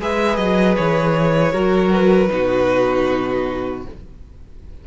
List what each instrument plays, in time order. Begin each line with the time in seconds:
0.00 cello G#3, viola G#4, violin B4 E5
0.37 cello F#3, violin D#5
0.76 cello E3, violin C#5
1.53 cello F#3, viola F#4, violin A#4
1.92 violin B4
2.29 cello B2, viola D#4, violin F#4